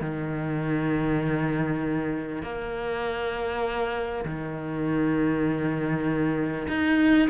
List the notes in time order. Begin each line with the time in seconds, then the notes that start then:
0.00 D#3
2.42 A#3
4.25 D#3
6.67 D#4